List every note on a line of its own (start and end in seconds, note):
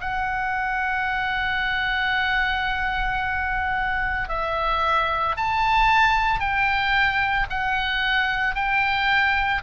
0.00 4.29 F#5
4.29 5.36 E5
5.37 6.39 A5
6.39 7.47 G5
7.50 8.55 F#5
8.55 9.62 G5